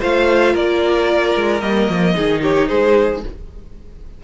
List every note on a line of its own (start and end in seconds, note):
0.00 0.55 A3
0.00 1.61 F4
0.00 0.53 C5
0.00 0.56 F5
0.53 1.35 A#3
0.53 2.14 A#4
0.53 1.61 D5
1.35 1.62 G#3
1.61 1.89 G3
1.61 2.14 A#3
1.61 2.41 D#5
1.89 2.16 F3
2.15 2.70 D#3
2.15 3.22 D#4
2.15 2.41 G#4
2.42 2.69 G4
2.42 2.68 C#5
2.68 3.24 G#3
2.68 3.22 G#4
2.68 3.22 C5